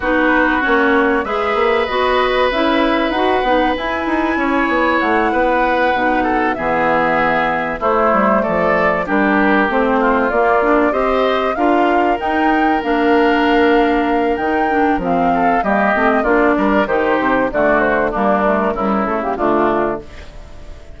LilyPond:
<<
  \new Staff \with { instrumentName = "flute" } { \time 4/4 \tempo 4 = 96 b'4 cis''4 e''4 dis''4 | e''4 fis''4 gis''2 | fis''2~ fis''8 e''4.~ | e''8 c''4 d''4 ais'4 c''8~ |
c''8 d''4 dis''4 f''4 g''8~ | g''8 f''2~ f''8 g''4 | f''4 dis''4 d''4 c''4 | d''8 c''8 ais'4. a'16 g'16 f'4 | }
  \new Staff \with { instrumentName = "oboe" } { \time 4/4 fis'2 b'2~ | b'2. cis''4~ | cis''8 b'4. a'8 gis'4.~ | gis'8 e'4 a'4 g'4. |
f'4. c''4 ais'4.~ | ais'1~ | ais'8 a'8 g'4 f'8 ais'8 g'4 | fis'4 d'4 e'4 d'4 | }
  \new Staff \with { instrumentName = "clarinet" } { \time 4/4 dis'4 cis'4 gis'4 fis'4 | e'4 fis'8 dis'8 e'2~ | e'4. dis'4 b4.~ | b8 a2 d'4 c'8~ |
c'8 ais8 d'8 g'4 f'4 dis'8~ | dis'8 d'2~ d'8 dis'8 d'8 | c'4 ais8 c'8 d'4 dis'4 | a4 ais8 a8 g8 a16 ais16 a4 | }
  \new Staff \with { instrumentName = "bassoon" } { \time 4/4 b4 ais4 gis8 ais8 b4 | cis'4 dis'8 b8 e'8 dis'8 cis'8 b8 | a8 b4 b,4 e4.~ | e8 a8 g8 f4 g4 a8~ |
a8 ais4 c'4 d'4 dis'8~ | dis'8 ais2~ ais8 dis4 | f4 g8 a8 ais8 g8 dis8 c8 | d4 g4 cis4 d4 | }
>>